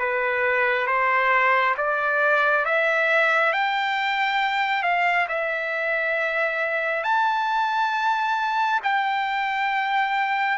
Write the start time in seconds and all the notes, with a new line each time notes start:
0.00 B4
0.87 C5
1.78 D5
2.66 E5
3.53 G5
4.83 F5
5.29 E5
7.04 A5
8.84 G5